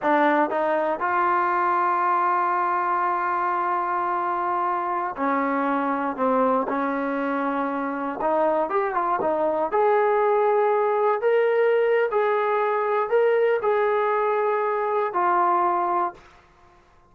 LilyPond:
\new Staff \with { instrumentName = "trombone" } { \time 4/4 \tempo 4 = 119 d'4 dis'4 f'2~ | f'1~ | f'2~ f'16 cis'4.~ cis'16~ | cis'16 c'4 cis'2~ cis'8.~ |
cis'16 dis'4 g'8 f'8 dis'4 gis'8.~ | gis'2~ gis'16 ais'4.~ ais'16 | gis'2 ais'4 gis'4~ | gis'2 f'2 | }